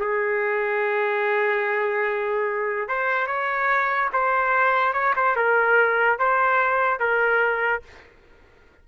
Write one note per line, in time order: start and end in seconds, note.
0.00 2.89 G#4
2.89 3.27 C5
3.27 4.10 C#5
4.13 4.94 C5
4.94 5.14 C#5
5.16 5.36 C5
5.36 6.19 A#4
6.19 7.00 C5
7.00 7.83 A#4